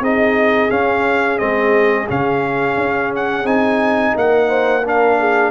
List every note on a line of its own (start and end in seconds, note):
0.00 0.69 C4
0.00 0.70 D#4
0.00 4.16 G#4
0.00 0.71 D#5
0.70 1.38 C#4
0.70 1.40 C#4
0.70 1.39 F5
1.38 2.09 G#3
1.38 2.07 C4
1.38 2.07 D#5
2.08 2.77 C#3
2.08 3.45 C#4
2.08 3.14 F5
2.77 3.44 C#4
3.16 3.47 F#5
3.44 4.12 C4
3.44 4.83 D#4
3.44 4.16 G#5
4.15 5.51 A#3
4.15 4.49 A#4
4.15 4.86 F#5
4.49 4.83 C5
4.85 5.51 D4
4.85 5.20 A#4
4.85 5.51 F5
5.20 5.51 G#4